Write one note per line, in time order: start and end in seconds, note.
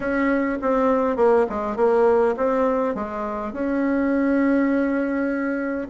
0.00 0.58 C#4
0.61 1.16 C4
1.16 1.45 A#3
1.49 1.76 G#3
1.76 2.35 A#3
2.36 2.94 C4
2.94 3.52 G#3
3.52 5.88 C#4